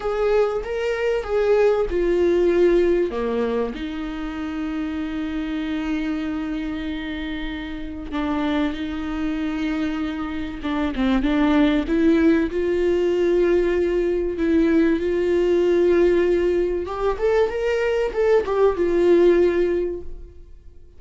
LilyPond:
\new Staff \with { instrumentName = "viola" } { \time 4/4 \tempo 4 = 96 gis'4 ais'4 gis'4 f'4~ | f'4 ais4 dis'2~ | dis'1~ | dis'4 d'4 dis'2~ |
dis'4 d'8 c'8 d'4 e'4 | f'2. e'4 | f'2. g'8 a'8 | ais'4 a'8 g'8 f'2 | }